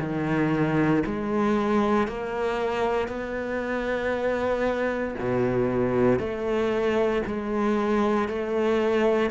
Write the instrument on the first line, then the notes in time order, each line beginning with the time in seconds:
cello
0.00 D#3
1.06 G#3
2.08 A#3
3.08 B3
5.20 B2
6.19 A3
7.26 G#3
8.29 A3